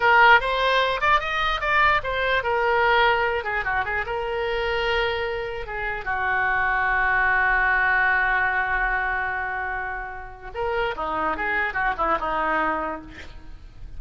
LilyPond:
\new Staff \with { instrumentName = "oboe" } { \time 4/4 \tempo 4 = 148 ais'4 c''4. d''8 dis''4 | d''4 c''4 ais'2~ | ais'8 gis'8 fis'8 gis'8 ais'2~ | ais'2 gis'4 fis'4~ |
fis'1~ | fis'1~ | fis'2 ais'4 dis'4 | gis'4 fis'8 e'8 dis'2 | }